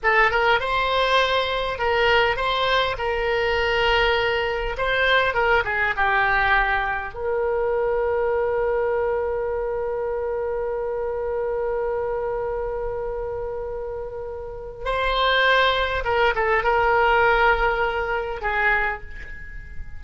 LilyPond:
\new Staff \with { instrumentName = "oboe" } { \time 4/4 \tempo 4 = 101 a'8 ais'8 c''2 ais'4 | c''4 ais'2. | c''4 ais'8 gis'8 g'2 | ais'1~ |
ais'1~ | ais'1~ | ais'4 c''2 ais'8 a'8 | ais'2. gis'4 | }